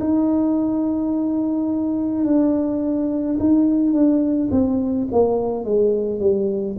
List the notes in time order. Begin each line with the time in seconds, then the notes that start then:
0.00 D#4
2.25 D4
3.40 D#4
3.93 D4
4.51 C4
5.12 A#3
5.64 G#3
6.20 G3